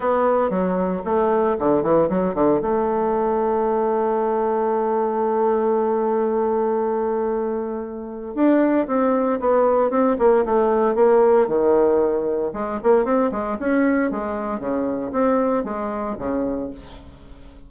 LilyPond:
\new Staff \with { instrumentName = "bassoon" } { \time 4/4 \tempo 4 = 115 b4 fis4 a4 d8 e8 | fis8 d8 a2.~ | a1~ | a1 |
d'4 c'4 b4 c'8 ais8 | a4 ais4 dis2 | gis8 ais8 c'8 gis8 cis'4 gis4 | cis4 c'4 gis4 cis4 | }